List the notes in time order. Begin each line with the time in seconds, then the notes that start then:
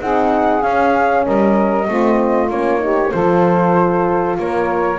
0.00 C4 D#4 G#4 F#5
0.61 C#4 F5
1.24 G3 A#4 D#5
1.86 A3 C4 F4
2.50 A#3 C#4 C#5
2.78 D#4 G4
3.12 F3 F4 A4 C5
4.39 A#3 A#4 C#5